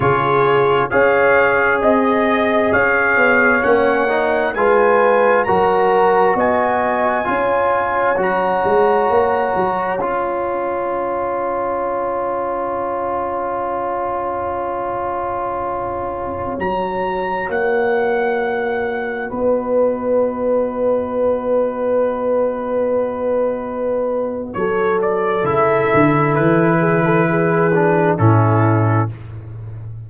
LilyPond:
<<
  \new Staff \with { instrumentName = "trumpet" } { \time 4/4 \tempo 4 = 66 cis''4 f''4 dis''4 f''4 | fis''4 gis''4 ais''4 gis''4~ | gis''4 ais''2 gis''4~ | gis''1~ |
gis''2~ gis''16 ais''4 fis''8.~ | fis''4~ fis''16 dis''2~ dis''8.~ | dis''2. cis''8 d''8 | e''4 b'2 a'4 | }
  \new Staff \with { instrumentName = "horn" } { \time 4/4 gis'4 cis''4 dis''4 cis''4~ | cis''4 b'4 ais'4 dis''4 | cis''1~ | cis''1~ |
cis''1~ | cis''4~ cis''16 b'2~ b'8.~ | b'2. a'4~ | a'4. gis'16 a'16 gis'4 e'4 | }
  \new Staff \with { instrumentName = "trombone" } { \time 4/4 f'4 gis'2. | cis'8 dis'8 f'4 fis'2 | f'4 fis'2 f'4~ | f'1~ |
f'2~ f'16 fis'4.~ fis'16~ | fis'1~ | fis'1 | e'2~ e'8 d'8 cis'4 | }
  \new Staff \with { instrumentName = "tuba" } { \time 4/4 cis4 cis'4 c'4 cis'8 b8 | ais4 gis4 fis4 b4 | cis'4 fis8 gis8 ais8 fis8 cis'4~ | cis'1~ |
cis'2~ cis'16 fis4 ais8.~ | ais4~ ais16 b2~ b8.~ | b2. fis4 | cis8 d8 e2 a,4 | }
>>